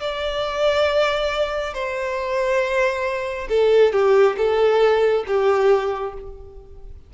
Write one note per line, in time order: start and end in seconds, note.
0.00 1.74 D5
1.74 3.48 C5
3.49 3.92 A4
3.92 4.36 G4
4.37 5.24 A4
5.27 6.14 G4